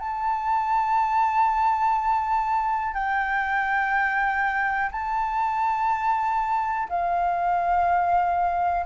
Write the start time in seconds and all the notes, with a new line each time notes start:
0.00 A5
2.94 G5
4.92 A5
6.89 F5